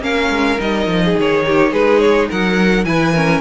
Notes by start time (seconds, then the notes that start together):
0.00 A#3 C#4 A#4 F5
0.29 G#3
0.59 G3 D#4 D#5
0.86 F3
1.04 G#4
1.18 D#3 C#5
1.46 G4
1.72 G#3 G#4 B4
1.99 C#5
2.29 F#3 A#4 F#5
2.84 E3 E4 B4 G#5
3.13 C#4 A#4